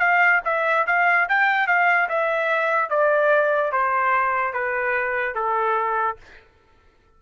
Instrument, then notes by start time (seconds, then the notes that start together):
trumpet
0.00 F5
0.45 E5
0.87 F5
1.30 G5
1.68 F5
2.09 E5
2.90 D5
3.72 C5
4.54 B4
5.35 A4